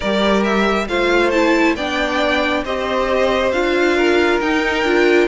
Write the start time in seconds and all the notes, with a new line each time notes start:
0.00 G3 G4 A#4 D5
0.43 E5
0.88 A3 F4 C5 F5
1.31 E4 A5
1.75 B3 D4 D5 G5
2.64 C4 G4 C5 D#5
3.51 D4 F4 F5
3.96 A#4
4.40 D#4 G5
4.83 D4 F4